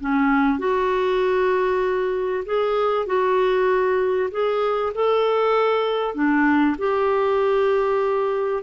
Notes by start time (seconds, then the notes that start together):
0.00 C#4
0.58 F#4
2.45 G#4
3.06 F#4
4.30 G#4
4.94 A4
6.14 D4
6.78 G4